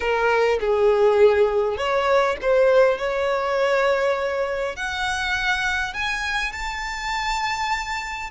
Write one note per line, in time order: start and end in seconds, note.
0.00 0.58 A#4
0.60 1.77 G#4
1.77 2.36 C#5
2.41 2.97 C5
2.97 4.76 C#5
4.76 5.93 F#5
5.93 6.52 G#5
6.52 8.30 A5